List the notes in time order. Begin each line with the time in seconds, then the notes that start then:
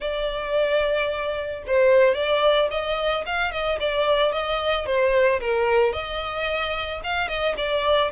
0.00 D5
1.66 C5
2.14 D5
2.70 D#5
3.26 F5
3.51 D#5
3.80 D5
4.31 D#5
4.86 C5
5.40 A#4
5.92 D#5
7.03 F5
7.28 D#5
7.57 D5